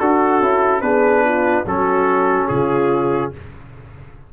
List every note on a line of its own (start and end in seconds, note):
0.00 0.41 D4
0.00 0.83 F#4
0.00 0.42 F#4
0.00 0.82 A4
0.41 0.82 C#4
0.41 0.82 E4
0.82 1.65 B3
0.82 1.65 D4
0.82 1.25 G#4
0.82 1.65 B4
1.25 1.66 F4
1.66 2.49 F#3
1.66 3.34 C#4
1.66 2.49 F#4
1.66 2.48 A4
2.48 3.34 C#3
2.48 3.33 F4
2.48 3.32 G#4